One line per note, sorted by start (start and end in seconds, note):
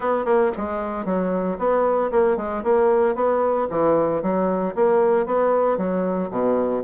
0.00 0.25 B3
0.25 0.51 A#3
0.57 1.05 G#3
1.05 1.57 F#3
1.58 2.11 B3
2.11 2.36 A#3
2.36 2.63 G#3
2.63 3.15 A#3
3.15 3.67 B3
3.70 4.22 E3
4.22 4.75 F#3
4.75 5.26 A#3
5.26 5.77 B3
5.77 6.30 F#3
6.30 6.83 B2